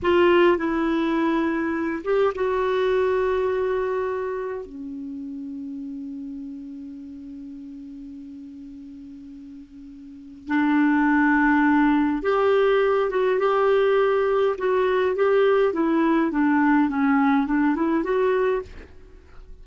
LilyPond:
\new Staff \with { instrumentName = "clarinet" } { \time 4/4 \tempo 4 = 103 f'4 e'2~ e'8 g'8 | fis'1 | cis'1~ | cis'1~ |
cis'2 d'2~ | d'4 g'4. fis'8 g'4~ | g'4 fis'4 g'4 e'4 | d'4 cis'4 d'8 e'8 fis'4 | }